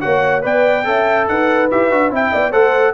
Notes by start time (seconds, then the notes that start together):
0.00 A#3 F#4 C#5 F#5
0.42 B3 B4 D5 G5
0.84 C#4 A4 E5
1.28 D#4 B4 F#5
1.70 E4 G4 E5
1.91 D4 F#4
2.10 C4 E4 E5 G5
2.33 B3 D5
2.51 A3 A4 C5 F#5